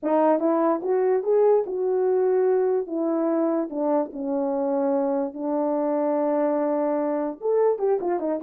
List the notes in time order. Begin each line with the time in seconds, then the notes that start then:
0.02 D#4
0.39 E4
0.82 F#4
1.23 G#4
1.66 F#4
2.86 E4
3.69 D4
4.12 C#4
5.33 D4
7.40 A4
7.78 G4
8.00 F4
8.19 D#4